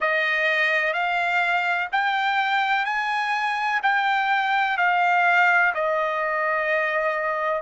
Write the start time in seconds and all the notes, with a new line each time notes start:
0.00 D#5
0.93 F5
1.91 G5
2.85 G#5
3.82 G5
4.77 F5
5.74 D#5